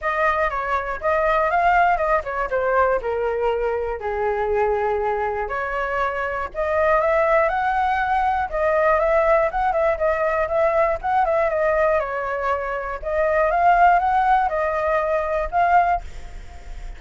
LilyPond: \new Staff \with { instrumentName = "flute" } { \time 4/4 \tempo 4 = 120 dis''4 cis''4 dis''4 f''4 | dis''8 cis''8 c''4 ais'2 | gis'2. cis''4~ | cis''4 dis''4 e''4 fis''4~ |
fis''4 dis''4 e''4 fis''8 e''8 | dis''4 e''4 fis''8 e''8 dis''4 | cis''2 dis''4 f''4 | fis''4 dis''2 f''4 | }